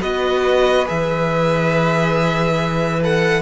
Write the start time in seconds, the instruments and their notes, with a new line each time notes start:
0.00 cello B3, viola F#4, violin B4 D#5
0.85 cello E3, viola G#4, violin E5
3.02 viola A4, violin F#5